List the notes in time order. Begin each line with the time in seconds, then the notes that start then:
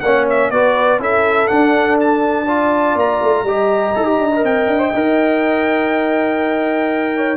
0.00 A#3 C#4 C#5 F#5
0.29 E5
0.50 B3 F#4 B4 D5
0.99 C#4 E4 A4 E5
1.47 D4 F#5
2.00 A5
2.45 F4 D5
2.95 A#3 A#5
3.21 A3
3.43 G3 G4 D#5
3.95 D#4 A4
4.04 G4
4.19 D4
4.35 A#4
4.43 C4 G5
4.67 D4
4.79 C5
4.94 D#4 A#4
7.16 C#5